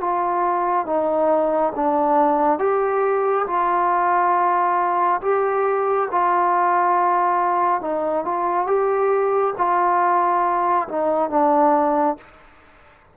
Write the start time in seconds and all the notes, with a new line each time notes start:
0.00 F4
0.85 D#4
1.75 D4
2.58 G4
3.46 F4
5.21 G4
6.11 F4
7.81 D#4
8.24 F4
8.66 G4
9.57 F4
10.88 D#4
11.30 D4